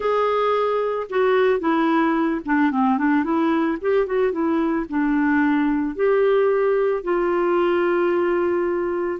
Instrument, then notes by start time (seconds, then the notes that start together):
clarinet
0.00 G#4
1.09 F#4
1.59 E4
2.45 D4
2.71 C4
2.97 D4
3.23 E4
3.81 G4
4.06 F#4
4.32 E4
4.89 D4
5.95 G4
7.03 F4